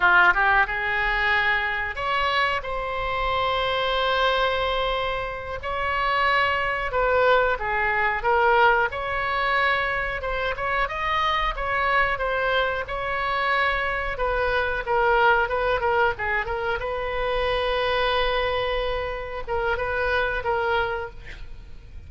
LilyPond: \new Staff \with { instrumentName = "oboe" } { \time 4/4 \tempo 4 = 91 f'8 g'8 gis'2 cis''4 | c''1~ | c''8 cis''2 b'4 gis'8~ | gis'8 ais'4 cis''2 c''8 |
cis''8 dis''4 cis''4 c''4 cis''8~ | cis''4. b'4 ais'4 b'8 | ais'8 gis'8 ais'8 b'2~ b'8~ | b'4. ais'8 b'4 ais'4 | }